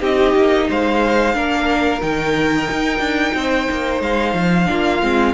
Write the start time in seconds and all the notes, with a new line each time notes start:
0.00 C4 D#4 G4 D#5
0.36 A#3
0.70 G#3 C5 F5
1.34 A#3 D4 A#4
2.01 D#3 D#4 G5
2.71 D#4
2.99 D4
3.34 C4 C5
3.71 A#3
4.01 G#3 F5
4.34 F3
4.66 A#3 D4 F4
5.03 G#3 C4